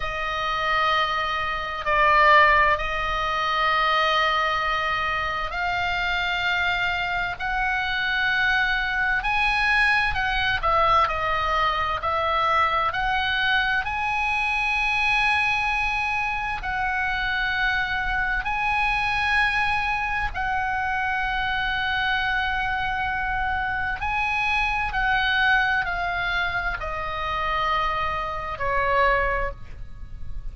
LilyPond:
\new Staff \with { instrumentName = "oboe" } { \time 4/4 \tempo 4 = 65 dis''2 d''4 dis''4~ | dis''2 f''2 | fis''2 gis''4 fis''8 e''8 | dis''4 e''4 fis''4 gis''4~ |
gis''2 fis''2 | gis''2 fis''2~ | fis''2 gis''4 fis''4 | f''4 dis''2 cis''4 | }